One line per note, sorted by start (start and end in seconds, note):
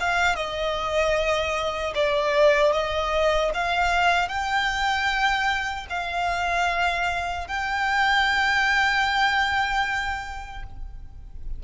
0.00 0.35 F5
0.35 1.93 D#5
1.94 2.72 D5
2.72 3.51 D#5
3.54 4.28 F5
4.28 5.86 G5
5.90 7.47 F5
7.47 10.63 G5